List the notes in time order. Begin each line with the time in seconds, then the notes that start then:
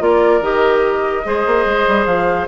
0.00 A#3 F4 A#4 D5
0.41 D#3 G4 D#5
1.24 G#3 G#4 C5
1.46 A#3
1.65 G#3
1.87 G3
2.06 F3 F5